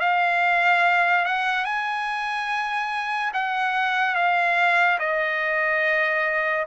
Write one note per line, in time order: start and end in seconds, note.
0.00 1.25 F5
1.25 1.65 F#5
1.65 3.31 G#5
3.34 4.15 F#5
4.15 4.98 F5
4.99 6.66 D#5